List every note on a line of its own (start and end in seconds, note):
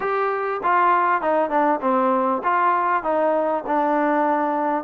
0.00 0.61 G4
0.63 1.21 F4
1.21 1.50 D#4
1.50 1.80 D4
1.81 2.42 C4
2.43 3.03 F4
3.03 3.64 D#4
3.66 4.84 D4